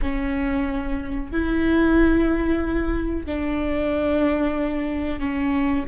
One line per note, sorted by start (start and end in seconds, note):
0.01 1.31 C#4
1.31 3.26 E4
3.26 5.19 D4
5.19 5.84 C#4